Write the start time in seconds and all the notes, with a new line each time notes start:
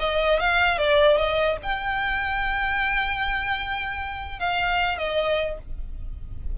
0.00 D#5
0.40 F5
0.79 D5
1.18 D#5
1.63 G5
4.40 F5
4.99 D#5